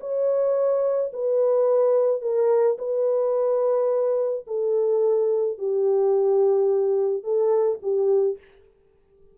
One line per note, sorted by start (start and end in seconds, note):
0.00 1.11 C#5
1.13 2.21 B4
2.21 2.77 A#4
2.78 4.45 B4
4.47 5.58 A4
5.58 7.23 G4
7.23 7.79 A4
7.82 8.37 G4